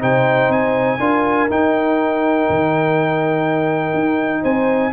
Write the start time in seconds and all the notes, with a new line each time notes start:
0.00 C3 D#4 C5 G5
0.49 C4 G#5
0.99 D4 F4 A#4
1.49 D#4 G5
2.49 D#3
3.94 D#4
4.42 C4 C5 G#5